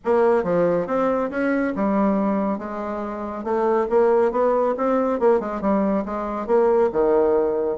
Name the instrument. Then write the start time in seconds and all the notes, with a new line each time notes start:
bassoon
0.04 A#3
0.43 F3
0.87 C4
1.30 C#4
1.75 G3
2.58 G#3
3.43 A3
3.89 A#3
4.31 B3
4.77 C4
5.19 A#3
5.40 G#3
5.61 G3
6.05 G#3
6.46 A#3
6.92 D#3